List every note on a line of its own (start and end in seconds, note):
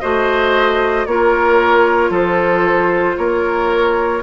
0.00 1.06 A3
0.00 1.06 F#4
0.00 1.06 C5
0.00 1.05 D#5
1.05 2.09 A#3
1.05 4.22 F4
1.05 2.10 A#4
1.05 2.11 C#5
2.09 3.14 F3
2.09 3.15 A4
2.09 3.17 C5
3.17 4.22 A#3
3.17 4.22 A#4
3.17 4.22 C#5